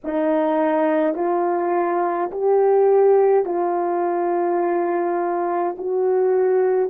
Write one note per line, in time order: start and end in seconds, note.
0.04 1.14 D#4
1.14 2.30 F4
2.31 3.45 G4
3.45 5.76 F4
5.77 6.90 F#4